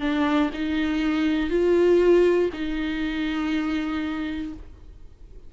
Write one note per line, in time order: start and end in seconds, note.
0.00 0.50 D4
0.53 1.50 D#4
1.50 2.50 F4
2.53 4.53 D#4